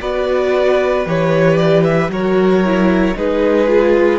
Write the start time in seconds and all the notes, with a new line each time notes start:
0.00 B3 F#4 B4 D5
1.06 E3 G4 C#5
1.57 D5
1.84 E5
2.09 F#3 F#4 A#4 C#5
2.65 E4
3.15 G#3 D#4 G#4 B4
3.68 F4